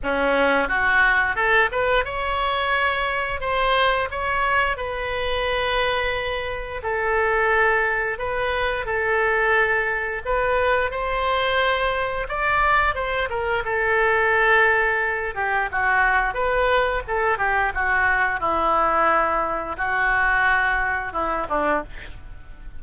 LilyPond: \new Staff \with { instrumentName = "oboe" } { \time 4/4 \tempo 4 = 88 cis'4 fis'4 a'8 b'8 cis''4~ | cis''4 c''4 cis''4 b'4~ | b'2 a'2 | b'4 a'2 b'4 |
c''2 d''4 c''8 ais'8 | a'2~ a'8 g'8 fis'4 | b'4 a'8 g'8 fis'4 e'4~ | e'4 fis'2 e'8 d'8 | }